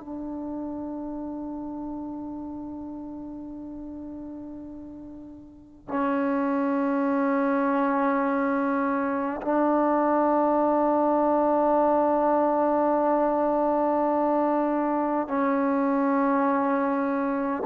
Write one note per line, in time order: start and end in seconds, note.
0.00 5.88 D4
5.88 9.41 C#4
9.42 15.28 D4
15.28 17.63 C#4